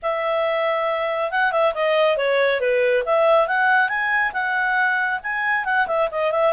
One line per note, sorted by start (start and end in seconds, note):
0.02 1.31 E5
1.31 1.52 F#5
1.52 1.73 E5
1.74 2.17 D#5
2.17 2.60 C#5
2.60 3.03 B4
3.05 3.47 E5
3.47 3.88 F#5
3.88 4.32 G#5
4.33 5.20 F#5
5.23 5.64 G#5
5.64 5.86 F#5
5.87 6.08 E5
6.11 6.31 D#5
6.31 6.53 E5